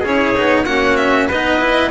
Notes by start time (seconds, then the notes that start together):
0.00 C#4 E4 G#4
0.07 C#5
0.35 B3 D#4
0.65 A#3 C#4 F#4 F#5
0.96 E5
1.27 B3 D#4 B4 D#5
1.60 E4